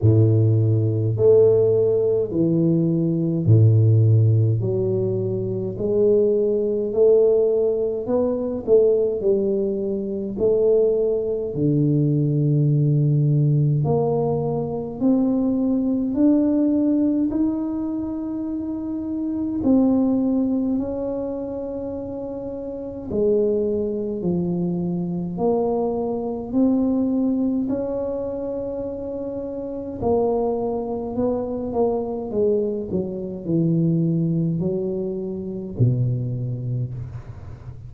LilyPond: \new Staff \with { instrumentName = "tuba" } { \time 4/4 \tempo 4 = 52 a,4 a4 e4 a,4 | fis4 gis4 a4 b8 a8 | g4 a4 d2 | ais4 c'4 d'4 dis'4~ |
dis'4 c'4 cis'2 | gis4 f4 ais4 c'4 | cis'2 ais4 b8 ais8 | gis8 fis8 e4 fis4 b,4 | }